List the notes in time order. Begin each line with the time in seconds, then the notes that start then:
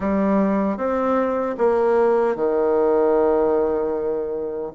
0.00 G3
0.77 C4
1.58 A#3
2.35 D#3